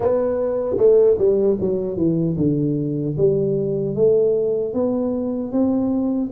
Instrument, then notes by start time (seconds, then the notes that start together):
tuba
0.00 B3
0.77 A3
1.17 G3
1.60 F#3
1.97 E3
2.36 D3
3.17 G3
3.95 A3
4.73 B3
5.52 C4